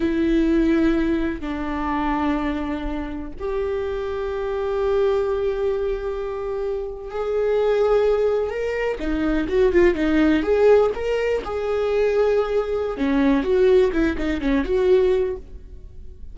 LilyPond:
\new Staff \with { instrumentName = "viola" } { \time 4/4 \tempo 4 = 125 e'2. d'4~ | d'2. g'4~ | g'1~ | g'2~ g'8. gis'4~ gis'16~ |
gis'4.~ gis'16 ais'4 dis'4 fis'16~ | fis'16 f'8 dis'4 gis'4 ais'4 gis'16~ | gis'2. cis'4 | fis'4 e'8 dis'8 cis'8 fis'4. | }